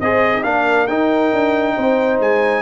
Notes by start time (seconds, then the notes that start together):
0.00 C4 G#4 C5 D#5
0.34 D#4
0.43 A#3 D4 A#4 F5
0.87 D#4 G5
1.32 D4
1.75 C4 C5
2.20 G#3 G#5